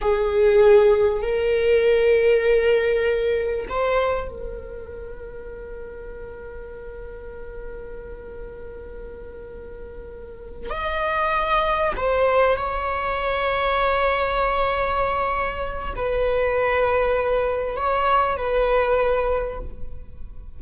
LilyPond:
\new Staff \with { instrumentName = "viola" } { \time 4/4 \tempo 4 = 98 gis'2 ais'2~ | ais'2 c''4 ais'4~ | ais'1~ | ais'1~ |
ais'4. dis''2 c''8~ | c''8 cis''2.~ cis''8~ | cis''2 b'2~ | b'4 cis''4 b'2 | }